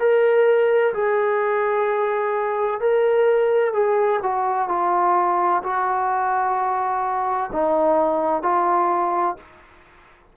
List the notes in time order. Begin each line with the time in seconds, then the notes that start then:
0.00 A#4
0.94 G#4
2.81 A#4
3.74 G#4
4.23 F#4
4.69 F4
5.63 F#4
7.53 D#4
8.43 F4